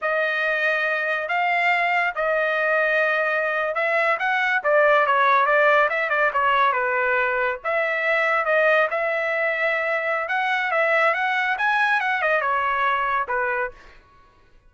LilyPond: \new Staff \with { instrumentName = "trumpet" } { \time 4/4 \tempo 4 = 140 dis''2. f''4~ | f''4 dis''2.~ | dis''8. e''4 fis''4 d''4 cis''16~ | cis''8. d''4 e''8 d''8 cis''4 b'16~ |
b'4.~ b'16 e''2 dis''16~ | dis''8. e''2.~ e''16 | fis''4 e''4 fis''4 gis''4 | fis''8 dis''8 cis''2 b'4 | }